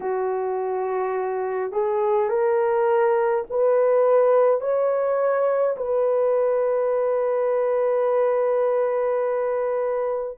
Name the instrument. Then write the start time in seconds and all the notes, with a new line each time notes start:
horn
0.00 F#4
1.72 G#4
2.29 A#4
3.49 B4
4.60 C#5
5.76 B4